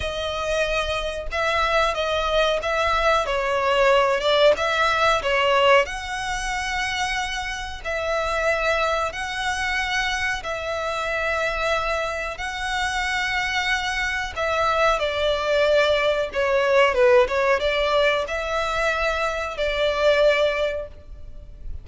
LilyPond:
\new Staff \with { instrumentName = "violin" } { \time 4/4 \tempo 4 = 92 dis''2 e''4 dis''4 | e''4 cis''4. d''8 e''4 | cis''4 fis''2. | e''2 fis''2 |
e''2. fis''4~ | fis''2 e''4 d''4~ | d''4 cis''4 b'8 cis''8 d''4 | e''2 d''2 | }